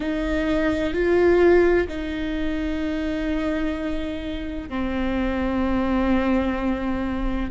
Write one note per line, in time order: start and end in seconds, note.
0.00 0.93 D#4
0.93 1.87 F4
1.87 4.69 D#4
4.69 7.50 C4